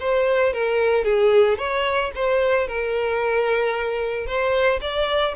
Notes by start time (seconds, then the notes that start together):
0.00 C5
0.53 A#4
1.04 G#4
1.58 C#5
2.15 C5
2.67 A#4
4.26 C5
4.81 D5